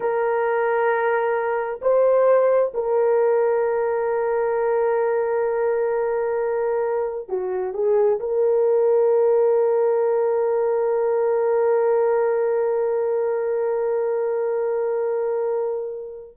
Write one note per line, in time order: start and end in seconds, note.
0.00 1.80 A#4
1.81 2.72 C5
2.74 7.28 A#4
7.28 7.73 F#4
7.73 8.19 G#4
8.19 16.36 A#4